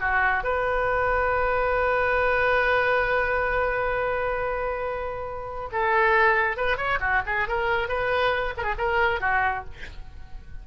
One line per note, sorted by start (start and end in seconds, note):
0.00 0.44 F#4
0.44 5.69 B4
5.72 6.57 A4
6.57 6.77 B4
6.77 6.99 C#5
7.00 7.22 F#4
7.26 7.48 G#4
7.48 7.88 A#4
7.88 8.54 B4
8.57 8.63 A#4
8.63 8.74 G#4
8.78 9.20 A#4
9.20 9.64 F#4